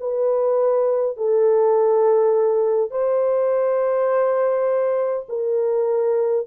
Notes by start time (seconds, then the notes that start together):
0.00 B4
1.17 A4
2.91 C5
5.29 A#4